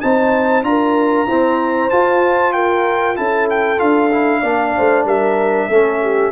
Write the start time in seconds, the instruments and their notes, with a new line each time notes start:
0.00 tuba C4, trombone D#4, horn C5, trumpet A5
0.63 tuba D4, trombone F4, horn A#4, trumpet A#5
1.27 trombone C4, tuba E4, horn C5
1.90 trombone F4, tuba F4, trumpet A5
2.52 horn A#4, trumpet G5
3.15 tuba C#4, trombone E4, horn A4, trumpet A5
3.50 trumpet G5
3.78 tuba D4, trombone F4, trumpet F5
4.11 trombone E4
4.40 tuba A#3, trombone D4, horn D5
4.76 tuba A3, horn C5
5.04 tuba G3, horn A#4, trumpet E5
5.69 tuba A3, trombone C#4, horn A4
6.02 horn G4